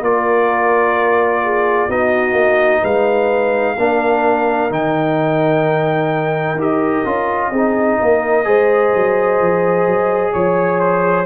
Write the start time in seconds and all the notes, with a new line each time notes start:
0.00 A#3 F4 A#4 D5
1.44 G#4
1.87 B3 D#4 F#4 D#5
2.33 A#3
2.82 G#3 B4 F5
3.77 A#3 D4 A#4
4.70 D#3 D#4 G5
6.55 D#4 G4
6.61 D#5
7.05 C#4 F4
7.51 C4 D#4 G#4
8.00 A#3 A#4
8.45 G#3 G#4 C5
8.94 F#3
9.40 F3
9.87 F#3
10.33 F3 C#5
10.80 C5